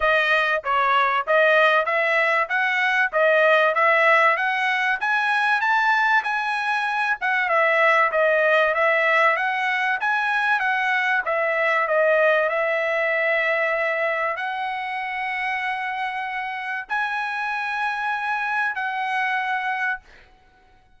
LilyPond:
\new Staff \with { instrumentName = "trumpet" } { \time 4/4 \tempo 4 = 96 dis''4 cis''4 dis''4 e''4 | fis''4 dis''4 e''4 fis''4 | gis''4 a''4 gis''4. fis''8 | e''4 dis''4 e''4 fis''4 |
gis''4 fis''4 e''4 dis''4 | e''2. fis''4~ | fis''2. gis''4~ | gis''2 fis''2 | }